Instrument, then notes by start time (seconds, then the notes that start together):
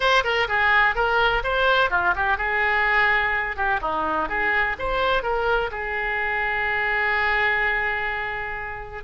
oboe
0.00 C5
0.23 A#4
0.48 G#4
0.95 A#4
1.43 C5
1.90 F4
2.15 G4
2.37 G#4
3.56 G4
3.81 D#4
4.28 G#4
4.78 C5
5.22 A#4
5.71 G#4